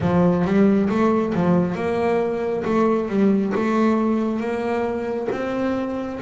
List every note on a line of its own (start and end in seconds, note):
0.00 0.45 F3
0.45 0.89 G3
0.89 1.33 A3
1.34 1.75 F3
1.75 2.63 A#3
2.64 3.08 A3
3.08 3.53 G3
3.55 4.40 A3
4.40 5.28 A#3
5.31 6.19 C4